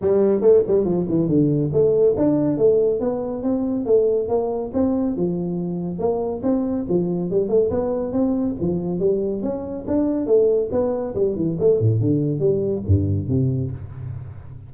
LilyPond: \new Staff \with { instrumentName = "tuba" } { \time 4/4 \tempo 4 = 140 g4 a8 g8 f8 e8 d4 | a4 d'4 a4 b4 | c'4 a4 ais4 c'4 | f2 ais4 c'4 |
f4 g8 a8 b4 c'4 | f4 g4 cis'4 d'4 | a4 b4 g8 e8 a8 a,8 | d4 g4 g,4 c4 | }